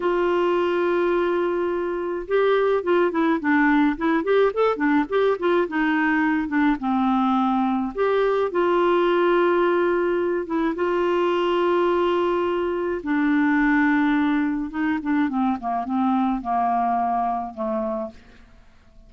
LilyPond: \new Staff \with { instrumentName = "clarinet" } { \time 4/4 \tempo 4 = 106 f'1 | g'4 f'8 e'8 d'4 e'8 g'8 | a'8 d'8 g'8 f'8 dis'4. d'8 | c'2 g'4 f'4~ |
f'2~ f'8 e'8 f'4~ | f'2. d'4~ | d'2 dis'8 d'8 c'8 ais8 | c'4 ais2 a4 | }